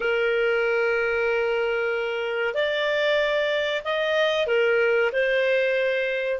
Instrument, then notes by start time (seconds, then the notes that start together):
clarinet
0.00 A#4
2.54 D5
3.84 D#5
4.47 A#4
5.12 C5